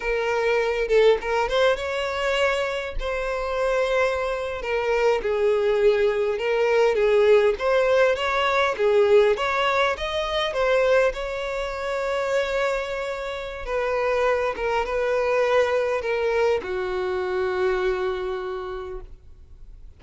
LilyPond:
\new Staff \with { instrumentName = "violin" } { \time 4/4 \tempo 4 = 101 ais'4. a'8 ais'8 c''8 cis''4~ | cis''4 c''2~ c''8. ais'16~ | ais'8. gis'2 ais'4 gis'16~ | gis'8. c''4 cis''4 gis'4 cis''16~ |
cis''8. dis''4 c''4 cis''4~ cis''16~ | cis''2. b'4~ | b'8 ais'8 b'2 ais'4 | fis'1 | }